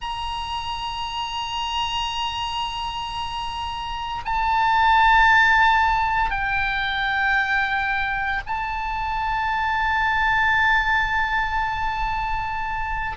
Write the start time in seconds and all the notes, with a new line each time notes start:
0.00 A#5
4.25 A5
6.30 G5
8.46 A5